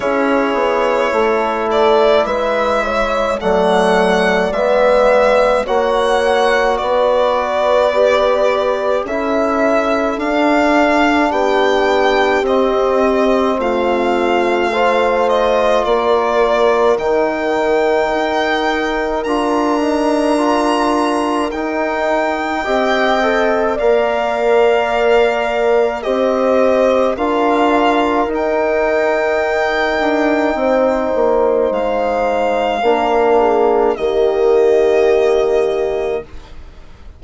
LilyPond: <<
  \new Staff \with { instrumentName = "violin" } { \time 4/4 \tempo 4 = 53 cis''4. d''8 e''4 fis''4 | e''4 fis''4 d''2 | e''4 f''4 g''4 dis''4 | f''4. dis''8 d''4 g''4~ |
g''4 ais''2 g''4~ | g''4 f''2 dis''4 | f''4 g''2. | f''2 dis''2 | }
  \new Staff \with { instrumentName = "horn" } { \time 4/4 gis'4 a'4 b'8 cis''8 d''4~ | d''4 cis''4 b'2 | a'2 g'2 | f'4 c''4 ais'2~ |
ais'1 | dis''4 d''2 c''4 | ais'2. c''4~ | c''4 ais'8 gis'8 g'2 | }
  \new Staff \with { instrumentName = "trombone" } { \time 4/4 e'2. a4 | b4 fis'2 g'4 | e'4 d'2 c'4~ | c'4 f'2 dis'4~ |
dis'4 f'8 dis'8 f'4 dis'4 | g'8 a'8 ais'2 g'4 | f'4 dis'2.~ | dis'4 d'4 ais2 | }
  \new Staff \with { instrumentName = "bassoon" } { \time 4/4 cis'8 b8 a4 gis4 fis4 | gis4 ais4 b2 | cis'4 d'4 b4 c'4 | a2 ais4 dis4 |
dis'4 d'2 dis'4 | c'4 ais2 c'4 | d'4 dis'4. d'8 c'8 ais8 | gis4 ais4 dis2 | }
>>